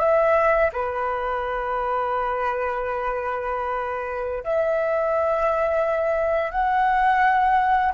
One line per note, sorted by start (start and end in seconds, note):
0.00 0.71 E5
0.73 4.44 B4
4.44 6.51 E5
6.51 7.93 F#5